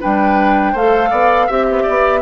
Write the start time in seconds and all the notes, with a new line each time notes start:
0.00 G3 D4 B4 G5
0.72 A3 C5 F5
0.78 A4
1.10 B3 D5
1.46 C4 G4 E5
1.70 B3
1.82 D5
1.88 B3